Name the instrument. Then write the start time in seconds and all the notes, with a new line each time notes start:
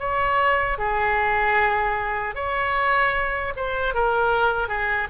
oboe
0.00 C#5
0.79 G#4
2.35 C#5
3.57 C5
3.95 A#4
4.69 G#4